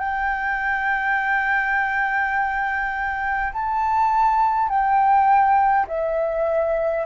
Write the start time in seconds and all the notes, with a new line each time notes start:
0.00 G5
3.53 A5
4.69 G5
5.88 E5